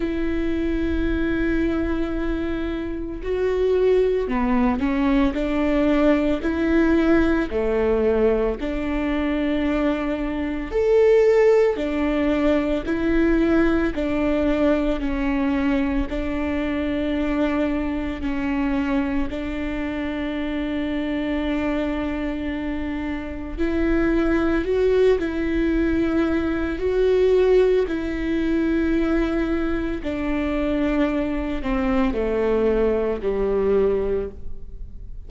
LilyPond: \new Staff \with { instrumentName = "viola" } { \time 4/4 \tempo 4 = 56 e'2. fis'4 | b8 cis'8 d'4 e'4 a4 | d'2 a'4 d'4 | e'4 d'4 cis'4 d'4~ |
d'4 cis'4 d'2~ | d'2 e'4 fis'8 e'8~ | e'4 fis'4 e'2 | d'4. c'8 a4 g4 | }